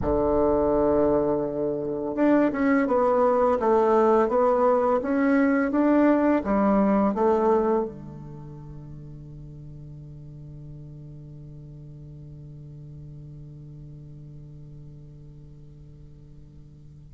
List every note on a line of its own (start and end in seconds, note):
0.01 2.15 D3
2.15 2.51 D4
2.52 2.87 C#4
2.87 3.58 B3
3.59 4.28 A3
4.28 4.99 B3
5.02 5.71 C#4
5.71 6.42 D4
6.44 7.14 G3
7.14 7.85 A3
7.85 17.13 D3